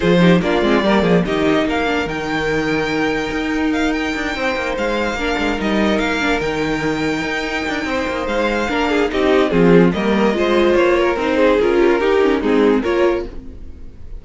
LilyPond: <<
  \new Staff \with { instrumentName = "violin" } { \time 4/4 \tempo 4 = 145 c''4 d''2 dis''4 | f''4 g''2.~ | g''4 f''8 g''2 f''8~ | f''4. dis''4 f''4 g''8~ |
g''1 | f''2 dis''4 gis'4 | dis''2 cis''4 c''4 | ais'2 gis'4 cis''4 | }
  \new Staff \with { instrumentName = "violin" } { \time 4/4 gis'8 g'8 f'4 ais'8 gis'8 g'4 | ais'1~ | ais'2~ ais'8 c''4.~ | c''8 ais'2.~ ais'8~ |
ais'2. c''4~ | c''4 ais'8 gis'8 g'4 f'4 | ais'4 c''4. ais'4 gis'8~ | gis'8 g'16 f'16 g'4 dis'4 ais'4 | }
  \new Staff \with { instrumentName = "viola" } { \time 4/4 f'8 dis'8 d'8 c'8 ais4 dis'4~ | dis'8 d'8 dis'2.~ | dis'1~ | dis'8 d'4 dis'4. d'8 dis'8~ |
dis'1~ | dis'4 d'4 dis'4 c'4 | ais4 f'2 dis'4 | f'4 dis'8 cis'8 c'4 f'4 | }
  \new Staff \with { instrumentName = "cello" } { \time 4/4 f4 ais8 gis8 g8 f8 dis4 | ais4 dis2. | dis'2 d'8 c'8 ais8 gis8~ | gis8 ais8 gis8 g4 ais4 dis8~ |
dis4. dis'4 d'8 c'8 ais8 | gis4 ais4 c'4 f4 | g4 gis4 ais4 c'4 | cis'4 dis'4 gis4 ais4 | }
>>